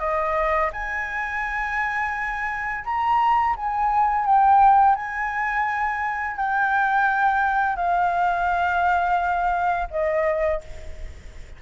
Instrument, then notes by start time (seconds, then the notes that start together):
flute
0.00 D#5
0.73 G#5
2.85 A#5
3.57 G#5
4.26 G5
4.96 G#5
6.37 G5
7.76 F5
9.91 D#5